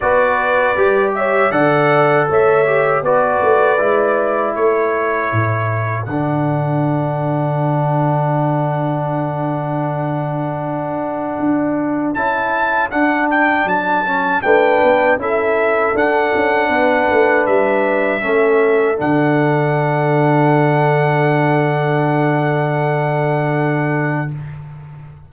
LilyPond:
<<
  \new Staff \with { instrumentName = "trumpet" } { \time 4/4 \tempo 4 = 79 d''4. e''8 fis''4 e''4 | d''2 cis''2 | fis''1~ | fis''1 |
a''4 fis''8 g''8 a''4 g''4 | e''4 fis''2 e''4~ | e''4 fis''2.~ | fis''1 | }
  \new Staff \with { instrumentName = "horn" } { \time 4/4 b'4. cis''8 d''4 cis''4 | b'2 a'2~ | a'1~ | a'1~ |
a'2. b'4 | a'2 b'2 | a'1~ | a'1 | }
  \new Staff \with { instrumentName = "trombone" } { \time 4/4 fis'4 g'4 a'4. g'8 | fis'4 e'2. | d'1~ | d'1 |
e'4 d'4. cis'8 d'4 | e'4 d'2. | cis'4 d'2.~ | d'1 | }
  \new Staff \with { instrumentName = "tuba" } { \time 4/4 b4 g4 d4 a4 | b8 a8 gis4 a4 a,4 | d1~ | d2. d'4 |
cis'4 d'4 fis4 a8 b8 | cis'4 d'8 cis'8 b8 a8 g4 | a4 d2.~ | d1 | }
>>